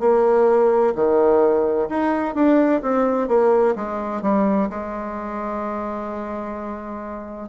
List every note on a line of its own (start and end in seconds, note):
0.00 0.94 A#3
0.95 1.89 D#3
1.89 2.35 D#4
2.35 2.82 D4
2.82 3.28 C4
3.28 3.75 A#3
3.76 4.22 G#3
4.22 4.69 G3
4.70 7.49 G#3